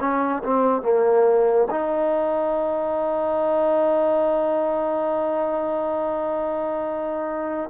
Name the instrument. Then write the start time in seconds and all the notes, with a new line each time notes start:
trombone
0.00 C#4
0.44 C4
0.82 A#3
1.70 D#4